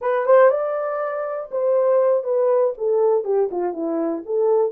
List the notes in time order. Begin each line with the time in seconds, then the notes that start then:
0.01 B4
0.26 C5
0.50 D5
1.51 C5
2.23 B4
2.77 A4
3.24 G4
3.51 F4
3.72 E4
4.25 A4